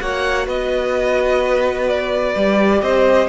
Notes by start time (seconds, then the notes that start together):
0.00 A#3 F#4 C#5 F#5
0.46 B3 B4 D#5
1.89 D5
2.36 G3 G4
2.82 C4 C5 D#5